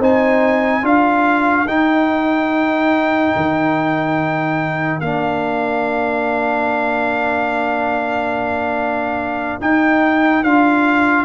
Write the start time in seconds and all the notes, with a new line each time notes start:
0.00 C4 D#4 C5 G#5
0.83 D4 F4 A#4 F5
1.67 D#4 G5
3.36 D#3
5.01 A#3 D4 F5
9.61 D#4 G5
10.44 D4 F4 F5